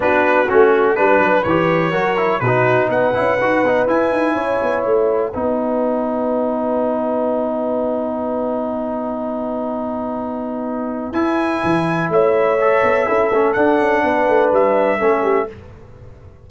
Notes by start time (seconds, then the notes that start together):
0.00 B3 D4 F#4 B4
0.48 A3 C#4 F#4
0.95 G3 D4 B4
1.19 F#3
1.43 E3 G4 C#5
1.90 F#3 F#4 A#4
2.16 E4
2.40 B2 F#4 B4
2.46 D#4
2.88 B3 B4 F#5
3.14 C#4 E4
3.40 D#4 F#4
3.63 B3 D#4
3.87 E4 G#5
4.11 D#4
4.34 C#4 C#5
4.62 B3
4.83 A3 F#5
5.31 B3 D#4 B4
11.12 E4 G#5
11.63 E3
12.09 A3 C#5 E5
12.60 A4
12.82 B3
13.06 C#4 E4 A4
13.31 A3 C#4
13.53 D4 F#5
13.79 C#4
14.03 B3 B4
14.28 A3
14.51 G3 E5
14.98 A3 C#4 A4
15.22 G4